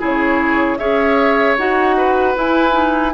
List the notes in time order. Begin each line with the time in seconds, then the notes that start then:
0.00 C#3 E4 G#4 C#5
0.79 C#4 G#4 C#5 E5
1.58 D#4 F#4 F#5
1.97 B4
2.36 E4 G#5
2.73 D#4